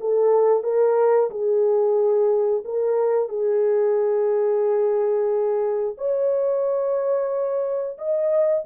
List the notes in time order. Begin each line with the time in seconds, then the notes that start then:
0.00 A4
0.63 A#4
1.30 G#4
2.65 A#4
3.28 G#4
5.97 C#5
7.98 D#5